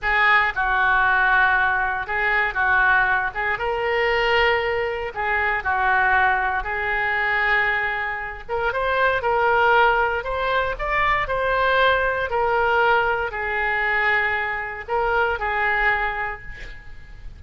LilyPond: \new Staff \with { instrumentName = "oboe" } { \time 4/4 \tempo 4 = 117 gis'4 fis'2. | gis'4 fis'4. gis'8 ais'4~ | ais'2 gis'4 fis'4~ | fis'4 gis'2.~ |
gis'8 ais'8 c''4 ais'2 | c''4 d''4 c''2 | ais'2 gis'2~ | gis'4 ais'4 gis'2 | }